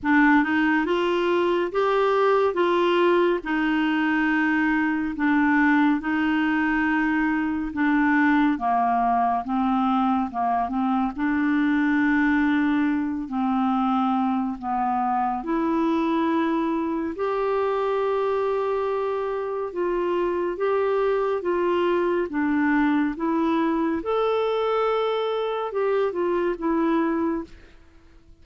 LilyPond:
\new Staff \with { instrumentName = "clarinet" } { \time 4/4 \tempo 4 = 70 d'8 dis'8 f'4 g'4 f'4 | dis'2 d'4 dis'4~ | dis'4 d'4 ais4 c'4 | ais8 c'8 d'2~ d'8 c'8~ |
c'4 b4 e'2 | g'2. f'4 | g'4 f'4 d'4 e'4 | a'2 g'8 f'8 e'4 | }